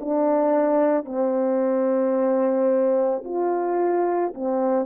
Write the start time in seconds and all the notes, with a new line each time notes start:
0.00 D4
1.05 C4
3.24 F4
4.34 C4